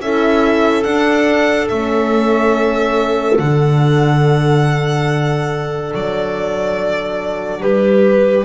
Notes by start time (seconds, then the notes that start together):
0.00 C#4 E4 A4 E5
0.83 D4 F#5
1.68 A3 C#4 E5
3.39 D3 D4 F#5
5.93 F#3 D5
7.61 G3 G4 B4